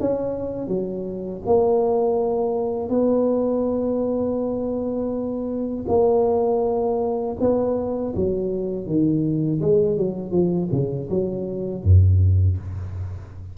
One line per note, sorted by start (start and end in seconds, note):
0.00 0.68 C#4
0.68 1.42 F#3
1.46 2.89 A#3
2.89 5.86 B3
5.88 7.36 A#3
7.40 8.14 B3
8.15 8.87 F#3
8.87 9.61 D#3
9.61 9.97 G#3
9.97 10.31 F#3
10.31 10.68 F3
10.72 11.09 C#3
11.10 11.84 F#3
11.84 12.58 F#2